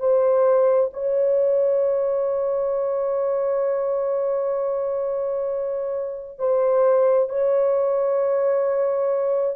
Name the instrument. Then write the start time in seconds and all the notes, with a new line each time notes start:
horn
0.00 C5
0.94 C#5
6.39 C5
7.30 C#5